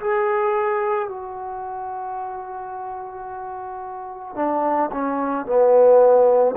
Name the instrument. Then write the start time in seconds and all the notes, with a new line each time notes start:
trombone
0.00 G#4
1.09 F#4
4.36 D4
4.91 C#4
5.46 B3